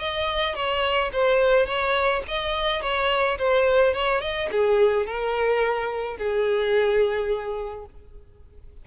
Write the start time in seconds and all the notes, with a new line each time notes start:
0.00 D#5
0.56 C#5
1.13 C5
1.67 C#5
2.28 D#5
2.82 C#5
3.39 C5
3.95 C#5
4.21 D#5
4.52 G#4
5.07 A#4
6.18 G#4